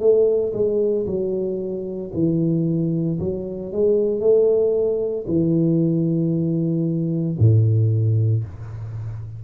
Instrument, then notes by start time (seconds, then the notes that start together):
tuba
0.00 A3
0.53 G#3
1.07 F#3
2.14 E3
3.20 F#3
3.72 G#3
4.20 A3
5.28 E3
7.39 A2